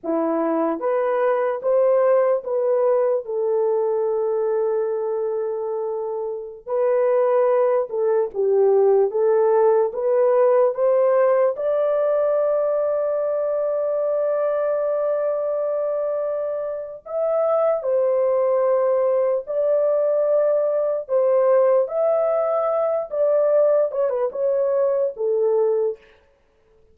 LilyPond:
\new Staff \with { instrumentName = "horn" } { \time 4/4 \tempo 4 = 74 e'4 b'4 c''4 b'4 | a'1~ | a'16 b'4. a'8 g'4 a'8.~ | a'16 b'4 c''4 d''4.~ d''16~ |
d''1~ | d''4 e''4 c''2 | d''2 c''4 e''4~ | e''8 d''4 cis''16 b'16 cis''4 a'4 | }